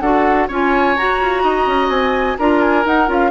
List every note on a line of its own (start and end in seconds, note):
0.00 0.48 D4
0.00 0.50 F#4
0.00 0.48 A4
0.00 0.47 F#5
0.48 0.96 C#4
0.48 0.97 F4
0.48 1.42 C#5
0.48 0.97 G#5
0.97 2.39 F#4
0.97 1.21 F#4
0.97 1.90 A#5
1.21 1.43 F4
1.43 1.67 D#4
1.43 2.38 D#5
1.67 1.88 C#4
1.88 2.36 C4
1.88 2.37 G#5
2.39 2.86 D4
2.39 2.85 F4
2.39 3.31 A#4
2.39 2.62 A#5
2.62 2.85 G#5
2.85 3.07 D#4
2.85 3.08 D#4
2.85 3.10 F#5
3.07 3.31 C#4
3.07 3.31 F4
3.07 3.31 F5